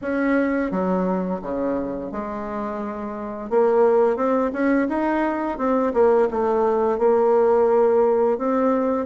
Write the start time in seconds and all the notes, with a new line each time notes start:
0.01 C#4
0.71 F#3
1.42 C#3
2.11 G#3
3.49 A#3
4.16 C4
4.52 C#4
4.88 D#4
5.58 C4
5.93 A#3
6.30 A3
6.98 A#3
8.38 C4